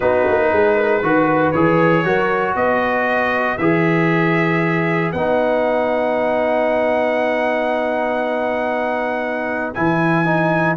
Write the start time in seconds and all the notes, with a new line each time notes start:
0.00 B3 D#4 F#4 B4
0.27 A#3
0.52 G#3 G#4
0.75 A#4
1.01 D#3 F#4 B4
1.51 E3 G#4 C#5
2.04 F#3 F#4 A#4
2.55 B3 B4 D#5
3.57 E3 G#4 E5
5.12 B3 D#4 F#5
9.74 E3 E4 G#5
10.25 D#4